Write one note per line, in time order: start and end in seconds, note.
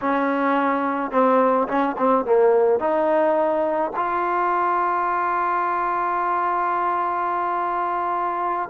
0.01 1.11 C#4
1.11 1.67 C4
1.67 1.95 C#4
1.97 2.25 C4
2.25 2.79 A#3
2.79 3.91 D#4
3.96 8.69 F4